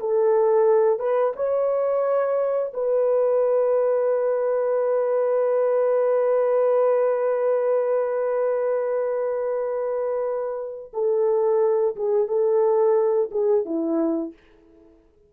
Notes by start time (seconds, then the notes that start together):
0.00 A4
0.99 B4
1.36 C#5
2.73 B4
10.93 A4
11.96 G#4
12.28 A4
13.31 G#4
13.65 E4